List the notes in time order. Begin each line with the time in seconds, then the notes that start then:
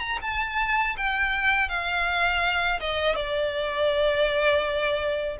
0.00 A#5
0.22 A5
0.98 G5
1.69 F5
2.80 D#5
3.15 D5